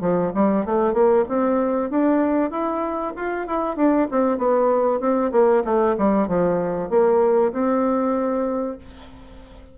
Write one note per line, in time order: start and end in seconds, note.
0.00 0.31 F3
0.34 0.65 G3
0.65 0.93 A3
0.93 1.24 A#3
1.28 1.90 C4
1.90 2.50 D4
2.50 3.13 E4
3.16 3.47 F4
3.47 3.76 E4
3.76 4.07 D4
4.11 4.37 C4
4.37 5.00 B3
5.00 5.31 C4
5.32 5.63 A#3
5.64 5.95 A3
5.97 6.27 G3
6.27 6.89 F3
6.89 7.52 A#3
7.52 8.77 C4